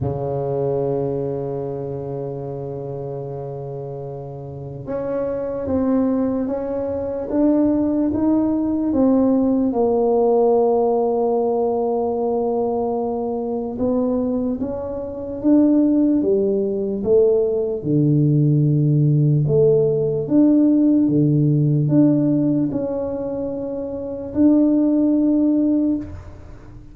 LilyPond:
\new Staff \with { instrumentName = "tuba" } { \time 4/4 \tempo 4 = 74 cis1~ | cis2 cis'4 c'4 | cis'4 d'4 dis'4 c'4 | ais1~ |
ais4 b4 cis'4 d'4 | g4 a4 d2 | a4 d'4 d4 d'4 | cis'2 d'2 | }